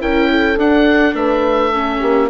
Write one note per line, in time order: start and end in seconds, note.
0.00 0.57 C#4
0.00 0.57 E4
0.00 0.30 A#4
0.00 0.59 G5
0.30 1.15 A4
0.57 1.14 D4
0.57 1.74 D4
0.57 1.15 F#5
1.14 2.00 A3
1.14 1.72 B4
1.14 2.29 E5
1.72 2.29 C#4
1.72 2.00 A4
2.00 2.29 A#3
2.00 2.28 G4